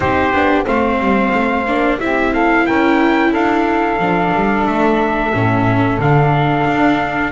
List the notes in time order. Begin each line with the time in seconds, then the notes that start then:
0.00 C4 D#4 G4 C5
0.32 B3 D4
0.65 A3 C4 C5 F5
0.99 G3
1.33 A3
1.66 A#3 D4
1.99 C4 E4 G4 E5
2.32 A4 F5
2.65 C#4 A#4 G5
3.31 D4 A4 F5
3.99 F3 D4
4.34 G3
4.66 A3 E5
5.33 A2 C#4
5.98 D3 D4 F5
6.67 D4